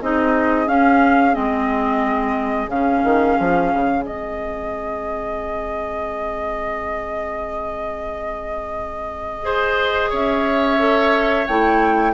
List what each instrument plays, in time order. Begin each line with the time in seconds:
0.00 bassoon C4, clarinet D#4, oboe G#4, flute D#5
0.66 clarinet C#4, bassoon C#4, flute F5
1.32 bassoon G#3, clarinet C4, flute D#5
2.67 bassoon C#3, clarinet C#4, flute F5
3.03 bassoon D#3
3.39 bassoon F3
3.73 bassoon C#3
4.04 bassoon G#3, clarinet C4, flute D#5
9.42 clarinet G#4, oboe C5
10.09 bassoon C#4, oboe C#5, flute E5
10.79 clarinet A4
11.47 bassoon A3, clarinet E4, flute G5